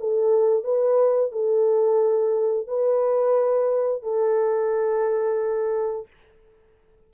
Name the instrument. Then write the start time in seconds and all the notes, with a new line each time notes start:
horn
0.00 A4
0.64 B4
1.32 A4
2.68 B4
4.03 A4